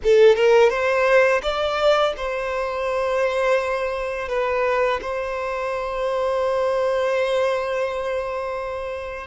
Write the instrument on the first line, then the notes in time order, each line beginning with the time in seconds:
violin
0.03 A4
0.35 A#4
0.69 C5
1.42 D5
2.16 C5
4.28 B4
5.01 C5